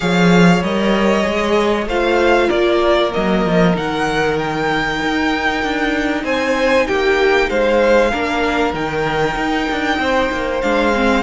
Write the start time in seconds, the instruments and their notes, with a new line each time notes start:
0.00 cello F3, viola G#4, violin C#5 F5
0.62 cello G3, viola A#4, violin D#5
1.23 cello G#3, viola G#4
1.86 cello A3, viola F4, violin C5 F5
2.47 cello A#3, violin A#4 D5
3.11 cello F#3, viola A#3, violin D#5
3.45 cello F3
3.74 cello D#3, viola D#4, violin F#5
4.38 violin G5
5.01 cello D#4
5.63 cello D4
6.23 cello C4, violin C5 G#5
6.87 cello A#3, violin G4 G5
7.49 cello G#3, violin C5 F5
8.10 cello A#3, viola D4, violin A#4
8.73 cello D#3, viola D#4, violin G5
9.36 cello D#4
9.71 cello D4
9.98 cello C4, violin C5
10.31 cello A#3
10.61 cello G#3, viola D4, violin F5
10.95 viola C4